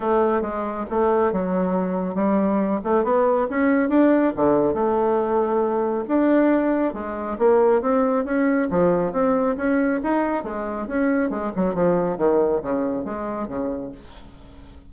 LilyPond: \new Staff \with { instrumentName = "bassoon" } { \time 4/4 \tempo 4 = 138 a4 gis4 a4 fis4~ | fis4 g4. a8 b4 | cis'4 d'4 d4 a4~ | a2 d'2 |
gis4 ais4 c'4 cis'4 | f4 c'4 cis'4 dis'4 | gis4 cis'4 gis8 fis8 f4 | dis4 cis4 gis4 cis4 | }